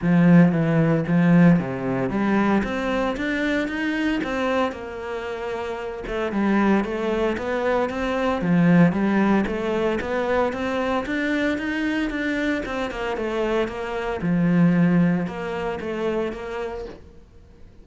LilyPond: \new Staff \with { instrumentName = "cello" } { \time 4/4 \tempo 4 = 114 f4 e4 f4 c4 | g4 c'4 d'4 dis'4 | c'4 ais2~ ais8 a8 | g4 a4 b4 c'4 |
f4 g4 a4 b4 | c'4 d'4 dis'4 d'4 | c'8 ais8 a4 ais4 f4~ | f4 ais4 a4 ais4 | }